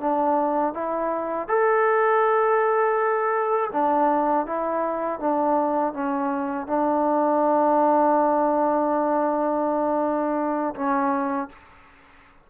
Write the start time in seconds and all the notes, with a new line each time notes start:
0.00 D4
0.74 E4
1.48 A4
3.72 D4
4.46 E4
5.20 D4
5.93 C#4
6.67 D4
10.75 C#4